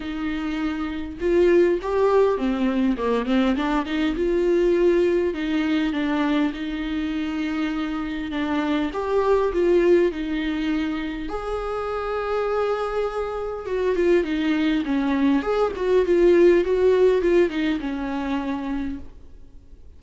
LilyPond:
\new Staff \with { instrumentName = "viola" } { \time 4/4 \tempo 4 = 101 dis'2 f'4 g'4 | c'4 ais8 c'8 d'8 dis'8 f'4~ | f'4 dis'4 d'4 dis'4~ | dis'2 d'4 g'4 |
f'4 dis'2 gis'4~ | gis'2. fis'8 f'8 | dis'4 cis'4 gis'8 fis'8 f'4 | fis'4 f'8 dis'8 cis'2 | }